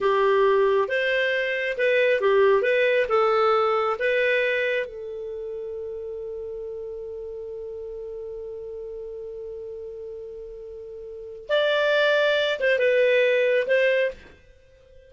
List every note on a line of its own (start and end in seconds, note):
0.00 0.88 G4
0.88 1.76 C5
1.77 2.21 B4
2.21 2.62 G4
2.62 3.06 B4
3.08 3.96 A4
3.99 4.86 B4
4.86 11.47 A4
11.48 12.59 D5
12.60 12.78 C5
12.78 13.67 B4
13.67 14.11 C5